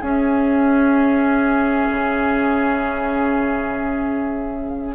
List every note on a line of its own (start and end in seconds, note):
0.00 1.87 C#4
0.00 4.95 C#4
0.00 4.95 G#4
0.00 4.95 E5
1.90 4.95 C#3